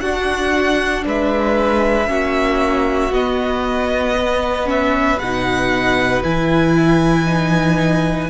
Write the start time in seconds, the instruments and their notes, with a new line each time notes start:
0.00 cello D4, viola D4, violin F#4 F#5
1.05 cello G#3, violin B4 E5
2.06 cello A#3, viola C#4, violin F#4
3.11 cello B3, viola B3, violin D#5
4.17 violin B4
4.65 viola C#4, violin E5
5.19 cello B2, viola D#4, violin F#5
6.23 cello E3, viola E4, violin G#5
7.25 viola D#4